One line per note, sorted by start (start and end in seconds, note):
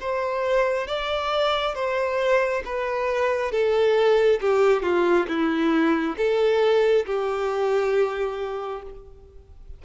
0.00 0.87 C5
0.87 1.74 D5
1.74 2.63 C5
2.65 3.51 B4
3.51 4.40 A4
4.40 4.82 G4
4.82 5.26 F4
5.27 6.16 E4
6.17 7.05 A4
7.05 8.82 G4